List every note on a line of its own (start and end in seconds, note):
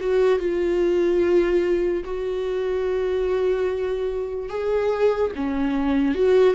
0.00 0.39 F#4
0.39 2.04 F4
2.04 4.49 F#4
4.49 5.31 G#4
5.36 6.15 C#4
6.15 6.55 F#4